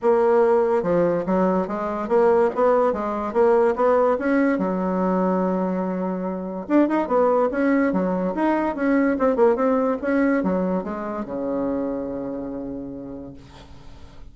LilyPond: \new Staff \with { instrumentName = "bassoon" } { \time 4/4 \tempo 4 = 144 ais2 f4 fis4 | gis4 ais4 b4 gis4 | ais4 b4 cis'4 fis4~ | fis1 |
d'8 dis'8 b4 cis'4 fis4 | dis'4 cis'4 c'8 ais8 c'4 | cis'4 fis4 gis4 cis4~ | cis1 | }